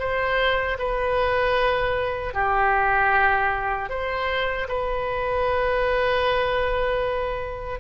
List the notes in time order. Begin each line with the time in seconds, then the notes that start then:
0.00 C5
0.79 B4
2.34 G4
3.90 C5
4.69 B4